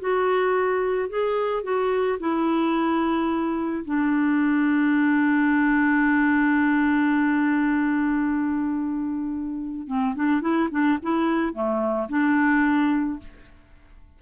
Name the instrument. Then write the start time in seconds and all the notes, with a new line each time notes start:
clarinet
0.00 F#4
1.09 G#4
1.63 F#4
2.19 E4
3.85 D4
9.87 C4
10.15 D4
10.41 E4
10.71 D4
11.02 E4
11.53 A3
12.09 D4